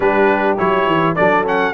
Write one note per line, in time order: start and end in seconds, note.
0.00 0.58 G3
0.00 0.57 D4
0.00 1.16 G4
0.00 0.57 B4
0.57 0.86 F#3
0.57 1.16 E4
0.57 1.15 C#5
0.86 1.15 E3
1.15 1.74 F#3
1.15 1.45 D4
1.15 1.74 A4
1.15 1.44 D5
1.45 1.74 C#4
1.45 1.74 F#5